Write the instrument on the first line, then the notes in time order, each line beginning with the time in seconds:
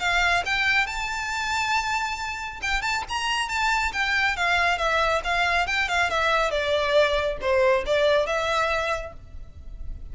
violin
0.00 F5
0.46 G5
0.87 A5
2.62 G5
2.82 A5
3.09 A#5
3.49 A5
3.93 G5
4.37 F5
4.78 E5
5.24 F5
5.67 G5
5.89 F5
6.10 E5
6.51 D5
7.41 C5
7.86 D5
8.26 E5